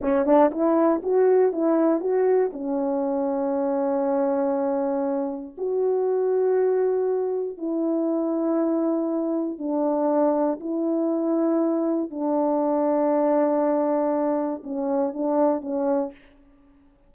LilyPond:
\new Staff \with { instrumentName = "horn" } { \time 4/4 \tempo 4 = 119 cis'8 d'8 e'4 fis'4 e'4 | fis'4 cis'2.~ | cis'2. fis'4~ | fis'2. e'4~ |
e'2. d'4~ | d'4 e'2. | d'1~ | d'4 cis'4 d'4 cis'4 | }